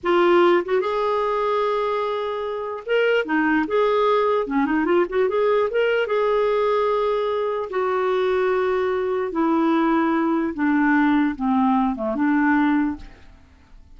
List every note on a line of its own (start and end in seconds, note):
0.03 0.64 F4
0.65 0.81 F#4
0.81 2.83 G#4
2.85 3.25 A#4
3.25 3.65 D#4
3.67 4.46 G#4
4.46 4.65 C#4
4.65 4.85 D#4
4.85 5.05 F4
5.09 5.28 F#4
5.28 5.69 G#4
5.70 6.06 A#4
6.06 7.69 G#4
7.70 9.32 F#4
9.32 10.53 E4
10.54 11.35 D4
11.35 11.95 C4
11.95 12.15 A3
12.15 12.96 D4